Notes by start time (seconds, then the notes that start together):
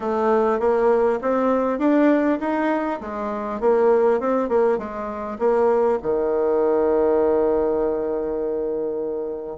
0.00 A3
0.59 A#3
1.21 C4
1.78 D4
2.40 D#4
3.00 G#3
3.60 A#3
4.20 C4
4.48 A#3
4.78 G#3
5.38 A#3
6.02 D#3